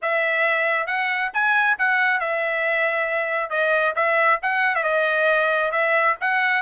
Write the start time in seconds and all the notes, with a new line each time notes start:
0.02 E5
0.86 F#5
1.33 G#5
1.78 F#5
2.20 E5
3.50 D#5
3.95 E5
4.42 F#5
4.75 E5
4.83 D#5
5.71 E5
6.20 F#5